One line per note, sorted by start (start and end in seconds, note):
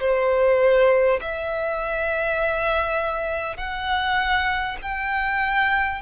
0.00 1.20 C5
1.21 3.57 E5
3.57 4.77 F#5
4.82 6.01 G5